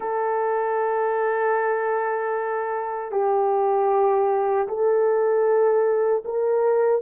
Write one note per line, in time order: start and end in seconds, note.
0.00 3.11 A4
3.11 4.67 G4
4.68 6.23 A4
6.24 7.02 A#4